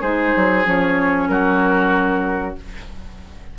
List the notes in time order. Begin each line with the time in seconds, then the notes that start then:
0.00 G#3 D#4 G#4 C5
0.36 F#3
0.64 F3 C#4 C#5
1.28 F#3 F#4 A#4